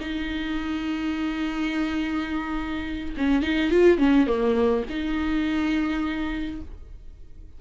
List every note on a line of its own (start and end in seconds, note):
0.00 3.14 D#4
3.17 3.42 C#4
3.42 3.71 D#4
3.71 3.98 F4
3.98 4.26 C#4
4.26 4.83 A#3
4.89 6.61 D#4